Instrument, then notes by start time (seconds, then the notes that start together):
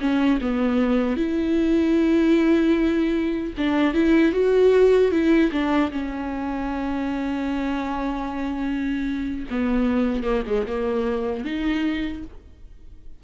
viola
0.00 C#4
0.41 B3
1.17 E4
3.57 D4
3.94 E4
4.32 F#4
5.11 E4
5.52 D4
5.91 C#4
9.50 B3
10.23 A#3
10.46 G#3
10.67 A#3
11.44 D#4